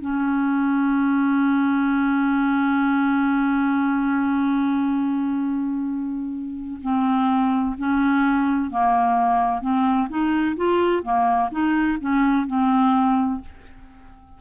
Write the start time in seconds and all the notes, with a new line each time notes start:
0.00 C#4
6.82 C4
7.78 C#4
8.70 A#3
9.61 C4
10.09 D#4
10.56 F4
11.02 A#3
11.51 D#4
12.00 C#4
12.47 C4